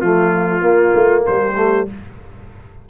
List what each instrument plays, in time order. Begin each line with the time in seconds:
0.00 tuba F3, trombone A3, trumpet F4, horn F4
0.61 trombone A#3, tuba A#3
0.95 tuba A3
1.26 tuba G3, horn G4, trumpet C5
1.56 trombone A3